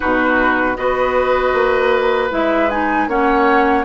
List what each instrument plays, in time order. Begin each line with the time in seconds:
0.00 bassoon B2, clarinet D#4, oboe F#4, flute B4
0.76 bassoon B3, clarinet F#4, oboe B4, flute D#5
1.53 bassoon A#3
2.30 bassoon G#3, clarinet E4, flute E5
2.70 clarinet D#4, flute G#5
3.07 bassoon A#3, clarinet C#4, oboe C#5, flute F#5